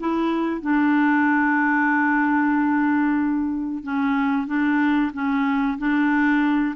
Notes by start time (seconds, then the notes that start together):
0.00 E4
0.61 D4
3.84 C#4
4.47 D4
5.13 C#4
5.78 D4